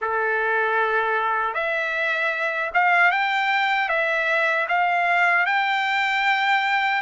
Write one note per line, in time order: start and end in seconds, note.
0.01 1.54 A4
1.54 2.71 E5
2.74 3.11 F5
3.11 3.89 G5
3.89 4.66 E5
4.68 5.45 F5
5.45 7.01 G5